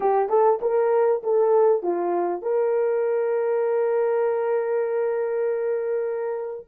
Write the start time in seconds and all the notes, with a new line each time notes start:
0.00 G4
0.29 A4
0.61 A#4
1.23 A4
1.82 F4
2.42 A#4